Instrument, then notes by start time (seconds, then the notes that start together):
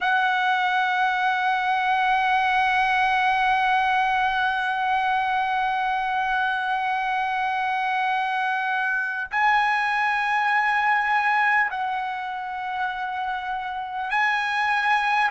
trumpet
0.00 F#5
9.31 G#5
11.70 F#5
14.10 G#5